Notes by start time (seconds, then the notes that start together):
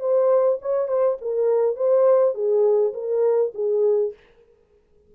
0.00 C5
0.61 C#5
0.88 C5
1.21 A#4
1.76 C5
2.35 G#4
2.94 A#4
3.54 G#4